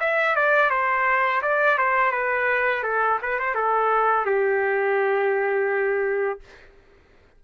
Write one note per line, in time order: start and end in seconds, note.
0.00 0.35 E5
0.35 0.70 D5
0.70 1.41 C5
1.42 1.78 D5
1.78 2.11 C5
2.11 2.83 B4
2.83 3.19 A4
3.22 3.39 B4
3.39 3.55 C5
3.55 4.26 A4
4.26 6.40 G4